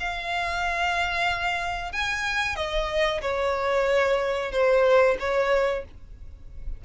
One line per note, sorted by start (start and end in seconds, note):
0.00 1.92 F5
1.92 2.56 G#5
2.56 3.21 D#5
3.22 4.52 C#5
4.52 5.17 C5
5.19 5.85 C#5